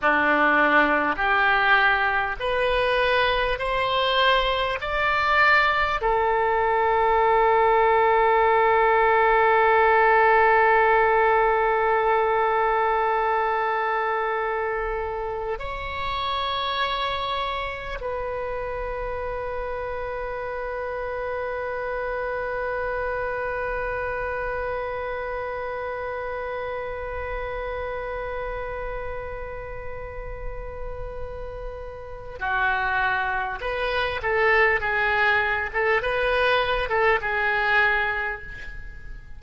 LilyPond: \new Staff \with { instrumentName = "oboe" } { \time 4/4 \tempo 4 = 50 d'4 g'4 b'4 c''4 | d''4 a'2.~ | a'1~ | a'4 cis''2 b'4~ |
b'1~ | b'1~ | b'2. fis'4 | b'8 a'8 gis'8. a'16 b'8. a'16 gis'4 | }